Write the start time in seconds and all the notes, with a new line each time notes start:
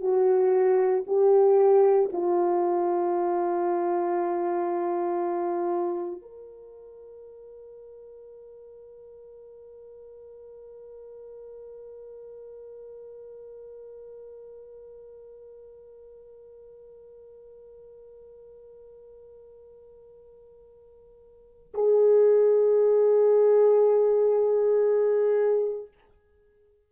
0.00 F#4
1.06 G4
2.12 F4
6.21 A#4
21.74 G#4